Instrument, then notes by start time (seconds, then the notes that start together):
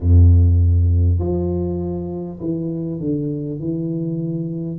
tuba
0.00 F2
1.19 F3
2.40 E3
3.00 D3
3.59 E3